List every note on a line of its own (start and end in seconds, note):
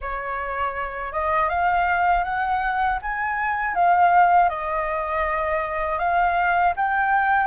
0.01 1.12 C#5
1.12 1.49 D#5
1.49 2.24 F5
2.24 2.99 F#5
3.02 3.74 G#5
3.74 4.49 F5
4.49 5.98 D#5
5.98 6.73 F5
6.76 7.46 G5